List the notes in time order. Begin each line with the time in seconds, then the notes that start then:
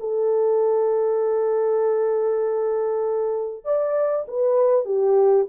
0.00 A4
3.65 D5
4.28 B4
4.85 G4